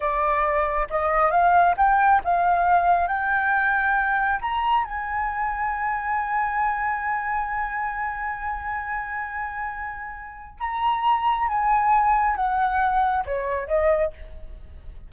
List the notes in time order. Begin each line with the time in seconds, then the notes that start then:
0.00 D5
0.90 D#5
1.30 F5
1.77 G5
2.24 F5
3.07 G5
4.41 A#5
4.84 G#5
10.59 A#5
11.48 G#5
12.36 F#5
13.25 C#5
13.68 D#5